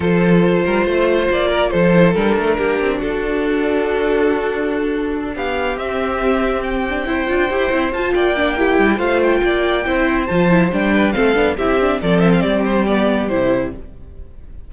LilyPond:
<<
  \new Staff \with { instrumentName = "violin" } { \time 4/4 \tempo 4 = 140 c''2. d''4 | c''4 ais'2 a'4~ | a'1~ | a'8 f''4 e''2 g''8~ |
g''2~ g''8 a''8 g''4~ | g''4 f''8 g''2~ g''8 | a''4 g''4 f''4 e''4 | d''8 e''16 f''16 d''8 c''8 d''4 c''4 | }
  \new Staff \with { instrumentName = "violin" } { \time 4/4 a'4. ais'8 c''4. ais'8 | a'2 g'4 fis'4~ | fis'1~ | fis'8 g'2.~ g'8~ |
g'8 c''2~ c''8 d''4 | g'4 c''4 d''4 c''4~ | c''4. b'8 a'4 g'4 | a'4 g'2. | }
  \new Staff \with { instrumentName = "viola" } { \time 4/4 f'1~ | f'8 e'8 d'2.~ | d'1~ | d'4. c'2~ c'8 |
d'8 e'8 f'8 g'8 e'8 f'4 d'8 | e'4 f'2 e'4 | f'8 e'8 d'4 c'8 d'8 e'8 d'8 | c'2 b4 e'4 | }
  \new Staff \with { instrumentName = "cello" } { \time 4/4 f4. g8 a4 ais4 | f4 g8 a8 ais8 c'8 d'4~ | d'1~ | d'8 b4 c'2~ c'8~ |
c'4 d'8 e'8 c'8 f'8 ais4~ | ais8 g8 a4 ais4 c'4 | f4 g4 a8 b8 c'4 | f4 g2 c4 | }
>>